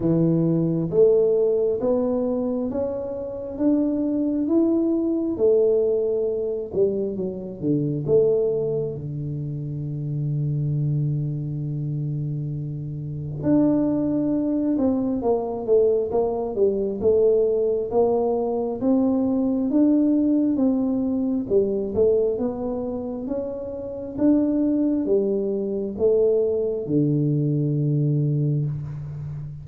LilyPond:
\new Staff \with { instrumentName = "tuba" } { \time 4/4 \tempo 4 = 67 e4 a4 b4 cis'4 | d'4 e'4 a4. g8 | fis8 d8 a4 d2~ | d2. d'4~ |
d'8 c'8 ais8 a8 ais8 g8 a4 | ais4 c'4 d'4 c'4 | g8 a8 b4 cis'4 d'4 | g4 a4 d2 | }